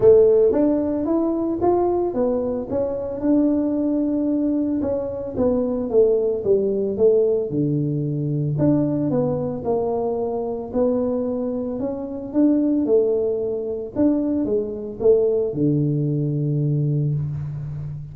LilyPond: \new Staff \with { instrumentName = "tuba" } { \time 4/4 \tempo 4 = 112 a4 d'4 e'4 f'4 | b4 cis'4 d'2~ | d'4 cis'4 b4 a4 | g4 a4 d2 |
d'4 b4 ais2 | b2 cis'4 d'4 | a2 d'4 gis4 | a4 d2. | }